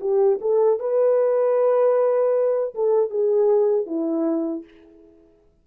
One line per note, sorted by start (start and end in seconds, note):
0.00 0.39 G4
0.41 0.79 A4
0.79 2.74 B4
2.74 3.10 A4
3.10 3.86 G#4
3.86 4.64 E4